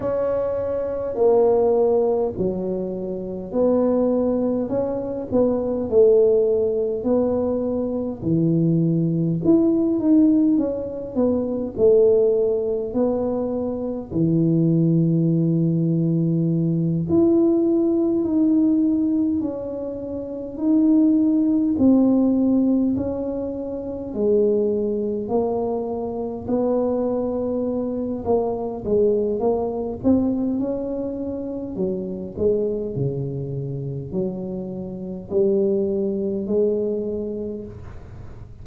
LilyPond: \new Staff \with { instrumentName = "tuba" } { \time 4/4 \tempo 4 = 51 cis'4 ais4 fis4 b4 | cis'8 b8 a4 b4 e4 | e'8 dis'8 cis'8 b8 a4 b4 | e2~ e8 e'4 dis'8~ |
dis'8 cis'4 dis'4 c'4 cis'8~ | cis'8 gis4 ais4 b4. | ais8 gis8 ais8 c'8 cis'4 fis8 gis8 | cis4 fis4 g4 gis4 | }